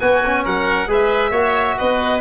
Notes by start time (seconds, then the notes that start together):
0.00 B3 F#4 G#5
0.26 C#4
0.45 F#3 A#4 F#5
0.88 G#3 G#4 B4 E5
1.31 A#3 F#4 C#5
1.78 B3 B4 D#5